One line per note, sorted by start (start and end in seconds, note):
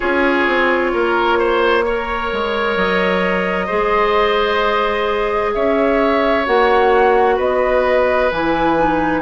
0.00 0.46 C#4
0.00 1.84 F4
0.00 0.91 G#4
0.00 2.76 C#5
0.46 0.92 C4
0.93 2.32 A#3
0.93 1.38 A#4
1.38 1.84 C5
1.85 3.68 A#4
1.85 3.66 C#5
2.32 2.76 G#3
2.76 3.68 F#3
2.76 5.53 D#5
3.66 5.55 G#3
3.66 6.45 G#4
3.66 5.51 C5
5.53 6.47 C#4
5.53 7.36 C#5
5.53 6.46 E5
6.45 7.38 A#3
6.45 8.30 F#4
6.45 7.38 F#5
7.36 8.30 B3
7.36 9.20 B4
7.36 8.31 D#5
8.31 9.22 E3
8.31 8.76 E4
8.31 9.22 G#5
8.76 9.22 D#4